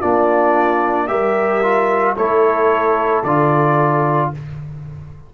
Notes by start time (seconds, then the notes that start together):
0.00 A#3 D4 F4 D5
1.08 G3 G4 A#4 E5
1.63 F4
2.17 A3 E4 A4 C#5
3.24 D3 F4 D5